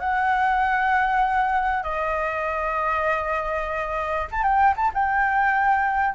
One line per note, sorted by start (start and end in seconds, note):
0.00 1.83 F#5
1.83 4.28 D#5
4.31 4.44 A5
4.44 4.74 G5
4.76 4.92 A5
4.94 6.15 G5